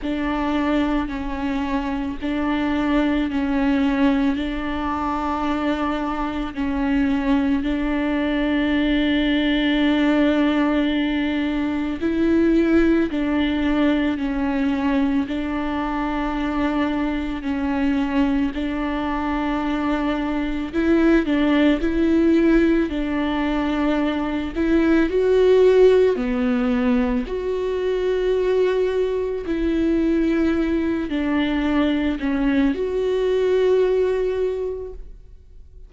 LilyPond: \new Staff \with { instrumentName = "viola" } { \time 4/4 \tempo 4 = 55 d'4 cis'4 d'4 cis'4 | d'2 cis'4 d'4~ | d'2. e'4 | d'4 cis'4 d'2 |
cis'4 d'2 e'8 d'8 | e'4 d'4. e'8 fis'4 | b4 fis'2 e'4~ | e'8 d'4 cis'8 fis'2 | }